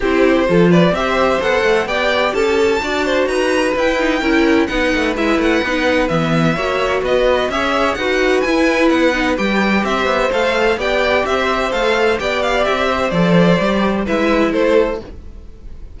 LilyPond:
<<
  \new Staff \with { instrumentName = "violin" } { \time 4/4 \tempo 4 = 128 c''4. d''8 e''4 fis''4 | g''4 a''2 ais''4 | g''2 fis''4 e''8 fis''8~ | fis''4 e''2 dis''4 |
e''4 fis''4 gis''4 fis''4 | g''4 e''4 f''4 g''4 | e''4 f''4 g''8 f''8 e''4 | d''2 e''4 c''4 | }
  \new Staff \with { instrumentName = "violin" } { \time 4/4 g'4 a'8 b'8 c''2 | d''4 a'4 d''8 c''8 b'4~ | b'4 ais'4 b'2~ | b'2 cis''4 b'4 |
cis''4 b'2.~ | b'4 c''2 d''4 | c''2 d''4. c''8~ | c''2 b'4 a'4 | }
  \new Staff \with { instrumentName = "viola" } { \time 4/4 e'4 f'4 g'4 a'4 | g'2 fis'2 | e'8 dis'8 e'4 dis'4 e'4 | dis'4 b4 fis'2 |
gis'4 fis'4 e'4. dis'8 | g'2 a'4 g'4~ | g'4 a'4 g'2 | a'4 g'4 e'2 | }
  \new Staff \with { instrumentName = "cello" } { \time 4/4 c'4 f4 c'4 b8 a8 | b4 cis'4 d'4 dis'4 | e'4 cis'4 b8 a8 gis8 a8 | b4 e4 ais4 b4 |
cis'4 dis'4 e'4 b4 | g4 c'8 b8 a4 b4 | c'4 a4 b4 c'4 | f4 g4 gis4 a4 | }
>>